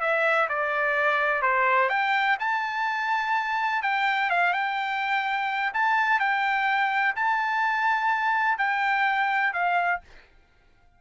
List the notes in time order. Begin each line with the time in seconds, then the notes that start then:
0.00 E5
0.49 D5
1.42 C5
1.89 G5
2.40 A5
3.82 G5
4.30 F5
4.53 G5
5.73 A5
6.19 G5
7.15 A5
8.58 G5
9.53 F5